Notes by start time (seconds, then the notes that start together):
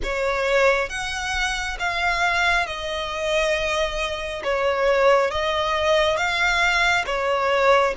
0.03 C#5
0.89 F#5
1.79 F5
2.66 D#5
4.44 C#5
5.31 D#5
6.16 F5
7.05 C#5